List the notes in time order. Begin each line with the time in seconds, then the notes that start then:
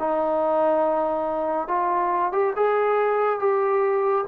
0.00 D#4
1.68 F4
2.33 G4
2.56 G#4
3.40 G4